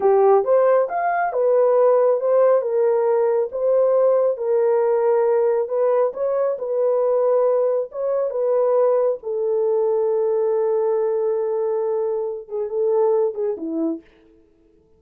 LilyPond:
\new Staff \with { instrumentName = "horn" } { \time 4/4 \tempo 4 = 137 g'4 c''4 f''4 b'4~ | b'4 c''4 ais'2 | c''2 ais'2~ | ais'4 b'4 cis''4 b'4~ |
b'2 cis''4 b'4~ | b'4 a'2.~ | a'1~ | a'8 gis'8 a'4. gis'8 e'4 | }